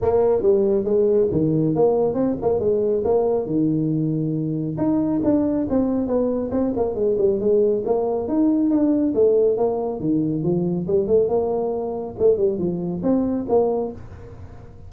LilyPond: \new Staff \with { instrumentName = "tuba" } { \time 4/4 \tempo 4 = 138 ais4 g4 gis4 dis4 | ais4 c'8 ais8 gis4 ais4 | dis2. dis'4 | d'4 c'4 b4 c'8 ais8 |
gis8 g8 gis4 ais4 dis'4 | d'4 a4 ais4 dis4 | f4 g8 a8 ais2 | a8 g8 f4 c'4 ais4 | }